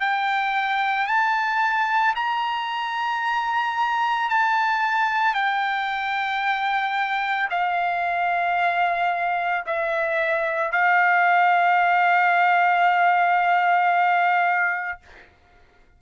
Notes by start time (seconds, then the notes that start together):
0.00 G5
1.07 A5
2.15 A#5
4.29 A5
5.34 G5
7.50 F5
9.66 E5
10.71 F5